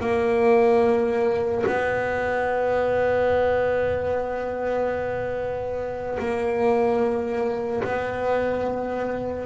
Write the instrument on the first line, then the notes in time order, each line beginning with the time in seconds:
double bass
0.00 A#3
1.66 B3
6.19 A#3
7.84 B3